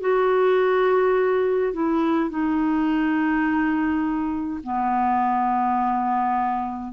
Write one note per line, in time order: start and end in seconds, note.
0.00 1.73 F#4
1.73 2.29 E4
2.29 4.60 D#4
4.63 6.93 B3